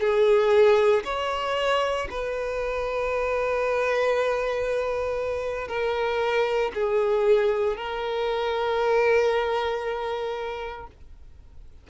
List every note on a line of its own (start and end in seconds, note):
0.00 1.03 G#4
1.04 2.08 C#5
2.10 5.68 B4
5.68 6.71 A#4
6.74 7.77 G#4
7.77 10.87 A#4